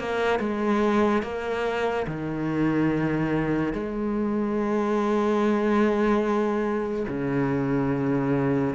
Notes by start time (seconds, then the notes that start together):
0.00 A#3
0.40 G#3
1.23 A#3
2.08 D#3
3.73 G#3
7.09 C#3